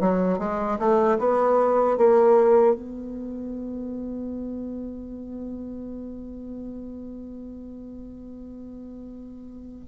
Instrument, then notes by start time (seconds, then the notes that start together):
bassoon
0.00 F#3
0.38 G#3
0.79 A3
1.18 B3
1.97 A#3
2.75 B3